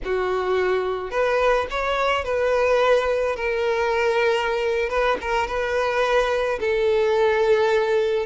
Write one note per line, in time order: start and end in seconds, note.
0.04 1.11 F#4
1.11 1.67 B4
1.70 2.24 C#5
2.24 3.36 B4
3.36 4.89 A#4
4.89 5.17 B4
5.21 5.47 A#4
5.47 6.59 B4
6.59 8.26 A4